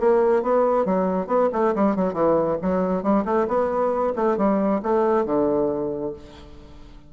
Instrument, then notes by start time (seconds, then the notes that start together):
bassoon
0.00 A#3
0.43 B3
0.86 F#3
1.27 B3
1.53 A3
1.75 G3
1.96 F#3
2.14 E3
2.62 F#3
3.03 G3
3.25 A3
3.48 B3
4.16 A3
4.38 G3
4.83 A3
5.26 D3